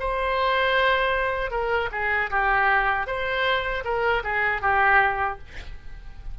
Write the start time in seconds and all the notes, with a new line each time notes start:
0.00 C5
1.51 A#4
1.92 G#4
2.31 G4
3.07 C5
3.85 A#4
4.24 G#4
4.62 G4